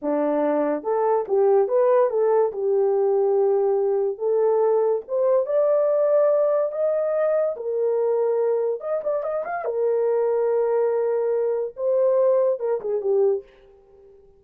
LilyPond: \new Staff \with { instrumentName = "horn" } { \time 4/4 \tempo 4 = 143 d'2 a'4 g'4 | b'4 a'4 g'2~ | g'2 a'2 | c''4 d''2. |
dis''2 ais'2~ | ais'4 dis''8 d''8 dis''8 f''8 ais'4~ | ais'1 | c''2 ais'8 gis'8 g'4 | }